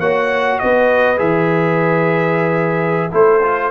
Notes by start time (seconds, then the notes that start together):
0.00 A#3 F#4 C#5 F#5
0.59 B3 B4 D#5
1.18 E3 G#4 E5
3.12 A3 E4 A4 C5
3.43 F4